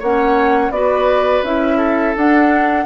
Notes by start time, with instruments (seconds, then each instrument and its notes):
0.00 bassoon A#3, clarinet C#4, oboe C#5, flute F#5
0.71 bassoon B3, clarinet F#4, oboe B4, flute D5
1.43 bassoon C#4, clarinet E4, flute E5
1.78 oboe A4
2.17 bassoon D4, clarinet D4, flute F#5